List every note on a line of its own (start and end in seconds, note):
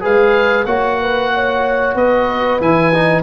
0.00 0.66 G#3
0.00 0.65 G#4
0.00 0.66 B4
0.00 0.65 F5
0.65 1.95 A#3
0.65 2.60 F#4
0.65 0.98 C#5
0.65 1.94 F#5
1.01 1.33 B4
1.33 1.95 C#5
1.95 2.59 B3
1.95 3.22 B4
1.95 2.61 D#5
2.60 3.22 E3
2.60 2.93 E4
2.60 3.22 G#5
2.93 3.22 D#4